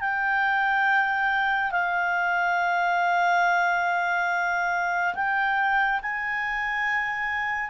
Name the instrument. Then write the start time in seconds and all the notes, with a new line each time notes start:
clarinet
0.00 G5
1.71 F5
5.15 G5
6.02 G#5